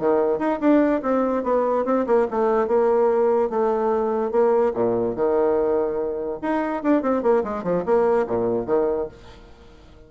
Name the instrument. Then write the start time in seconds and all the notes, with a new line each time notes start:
bassoon
0.00 D#3
0.39 D#4
0.61 D4
1.03 C4
1.44 B3
1.85 C4
2.07 A#3
2.31 A3
2.68 A#3
3.50 A3
4.32 A#3
4.74 A#2
5.16 D#3
6.42 D#4
6.84 D4
7.03 C4
7.23 A#3
7.44 G#3
7.64 F3
7.86 A#3
8.27 A#2
8.67 D#3